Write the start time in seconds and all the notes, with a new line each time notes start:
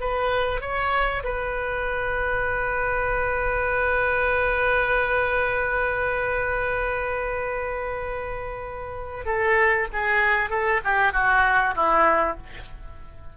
0.00 B4
0.61 C#5
1.24 B4
9.25 A4
9.93 G#4
10.50 A4
10.84 G4
11.12 F#4
11.75 E4